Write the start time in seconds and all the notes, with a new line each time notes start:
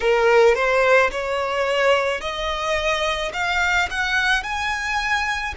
0.00 A#4
0.55 C5
1.11 C#5
2.20 D#5
3.33 F5
3.90 F#5
4.43 G#5